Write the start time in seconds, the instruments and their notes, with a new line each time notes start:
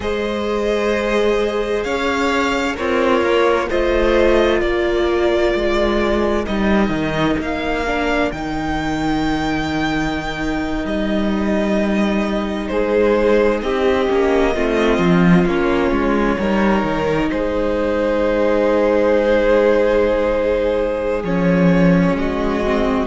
0.00 cello G#3, viola G#4, violin C5 D#5
1.83 cello C#4, violin C#5 F5
2.73 cello C4, viola A#4, violin C#5
2.79 violin F4
3.21 cello A#3
3.69 cello A3, viola F4, violin C5 D#5
4.60 cello A#3, violin A#4 D5
5.54 cello G#3
6.45 cello G3, viola D#4, violin D#5
6.88 cello D#3
7.38 cello A#3, violin F5
7.86 viola D4
8.31 cello D#3, viola D#4, violin G5
10.84 cello G3, violin D#5
12.68 cello G#3, violin G#4 C5
13.62 cello C4, violin G4 D#5
14.07 cello A#3, viola C#4
14.54 cello A3, viola C4, violin F4
14.98 cello F3
15.46 cello A#3, viola C#4, violin C#5
15.91 cello G#3
16.38 cello G3, viola D#4, violin A#4
16.83 cello D#3
17.30 cello G#3, violin G#4 C5
21.23 cello F3, viola C#4, violin C#5
22.14 cello G#3, violin F#4 D#5
22.64 viola C4